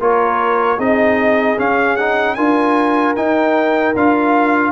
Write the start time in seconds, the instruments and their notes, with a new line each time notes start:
0.00 tuba A#3, trombone F4, horn A#4, trumpet C#5
0.77 tuba C4, trombone D#4, horn G#4, trumpet D#5
1.58 trombone C#4, tuba C#4, trumpet F5
1.96 trombone D#4, trumpet F#5
2.35 tuba D4, trombone F4, horn A#4, trumpet G#5
3.16 trombone D#4, tuba D#4, trumpet G5
3.96 tuba D4, trombone F4, trumpet F5